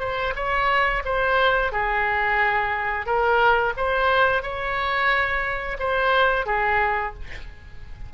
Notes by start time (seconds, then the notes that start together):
0.00 C5
0.36 C#5
1.05 C5
1.72 G#4
3.06 A#4
3.77 C5
4.42 C#5
5.79 C5
6.46 G#4